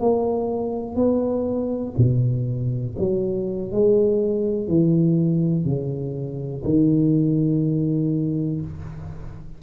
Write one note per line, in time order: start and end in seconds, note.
0.00 0.96 A#3
0.96 1.94 B3
1.97 2.96 B2
2.99 3.72 F#3
3.72 4.68 G#3
4.68 5.65 E3
5.65 6.63 C#3
6.64 8.61 D#3